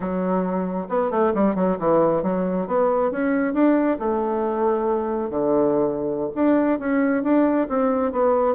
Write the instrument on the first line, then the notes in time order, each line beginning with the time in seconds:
bassoon
0.00 F#3
0.88 B3
1.10 A3
1.34 G3
1.55 F#3
1.78 E3
2.22 F#3
2.67 B3
3.11 C#4
3.53 D4
3.99 A3
5.29 D3
6.34 D4
6.79 C#4
7.23 D4
7.68 C4
8.12 B3